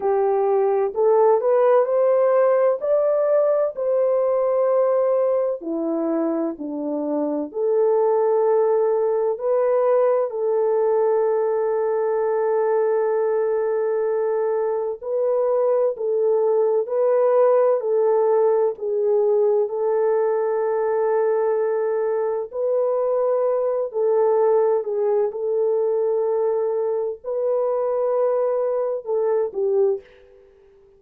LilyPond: \new Staff \with { instrumentName = "horn" } { \time 4/4 \tempo 4 = 64 g'4 a'8 b'8 c''4 d''4 | c''2 e'4 d'4 | a'2 b'4 a'4~ | a'1 |
b'4 a'4 b'4 a'4 | gis'4 a'2. | b'4. a'4 gis'8 a'4~ | a'4 b'2 a'8 g'8 | }